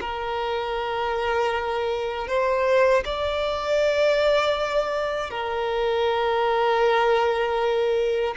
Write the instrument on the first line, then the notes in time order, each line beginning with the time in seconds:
violin
0.00 A#4
2.27 C5
3.04 D5
5.30 A#4